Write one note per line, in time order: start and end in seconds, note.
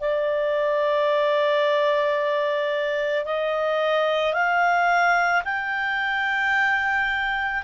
0.00 3.25 D5
3.25 4.33 D#5
4.33 5.42 F5
5.44 7.63 G5